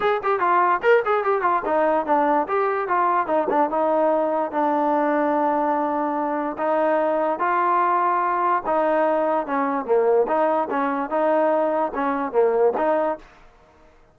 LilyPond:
\new Staff \with { instrumentName = "trombone" } { \time 4/4 \tempo 4 = 146 gis'8 g'8 f'4 ais'8 gis'8 g'8 f'8 | dis'4 d'4 g'4 f'4 | dis'8 d'8 dis'2 d'4~ | d'1 |
dis'2 f'2~ | f'4 dis'2 cis'4 | ais4 dis'4 cis'4 dis'4~ | dis'4 cis'4 ais4 dis'4 | }